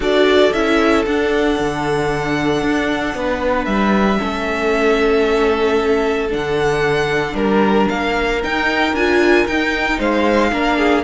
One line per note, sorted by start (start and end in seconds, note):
0.00 0.50 D4
0.00 0.52 F#4
0.00 3.15 A4
0.00 0.52 D5
0.52 1.05 C#4
0.52 1.06 E4
0.52 1.05 E5
1.05 1.59 D4
1.05 4.17 D4
1.05 3.65 F#5
1.59 2.62 D3
2.62 3.14 D4
3.14 3.66 B3
3.14 4.18 B4
3.65 4.19 G3
3.65 6.28 E5
4.17 6.28 C#4
4.17 7.34 A4
4.24 6.33 A3
6.30 7.34 D3
6.30 8.40 D4
6.30 7.35 F#5
7.34 7.86 G3
7.34 7.88 A#4
7.34 9.98 A#4
7.89 8.44 A#3
7.89 8.41 F5
8.43 8.95 D#4
8.43 8.92 D#4
8.43 8.95 G5
8.92 9.45 D4
8.92 9.48 F4
8.92 9.46 G#5
9.46 9.99 D#4
9.46 10.52 D#4
9.46 9.99 G5
9.98 10.52 G#3
9.98 10.50 C5
9.98 11.03 F5
10.52 11.03 A#3
10.52 11.03 D4
10.52 10.77 A#4
10.77 11.03 G#4